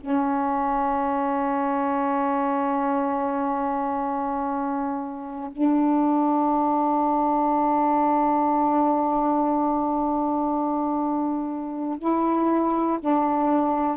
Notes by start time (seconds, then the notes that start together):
0.00 C#4
5.52 D4
11.99 E4
13.00 D4